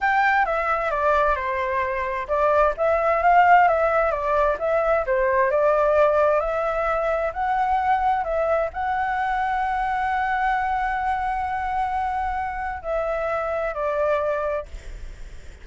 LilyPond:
\new Staff \with { instrumentName = "flute" } { \time 4/4 \tempo 4 = 131 g''4 e''4 d''4 c''4~ | c''4 d''4 e''4 f''4 | e''4 d''4 e''4 c''4 | d''2 e''2 |
fis''2 e''4 fis''4~ | fis''1~ | fis''1 | e''2 d''2 | }